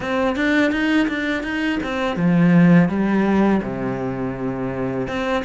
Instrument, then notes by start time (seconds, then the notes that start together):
cello
0.00 C4
0.35 D4
0.71 D#4
1.07 D4
1.43 D#4
1.83 C4
2.16 F3
2.88 G3
3.62 C3
5.07 C4